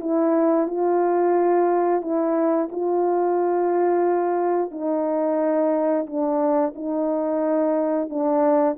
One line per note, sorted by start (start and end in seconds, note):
0.00 0.67 E4
0.67 2.01 F4
2.01 2.68 E4
2.71 4.71 F4
4.71 6.06 D#4
6.06 6.73 D4
6.75 8.09 D#4
8.09 8.76 D4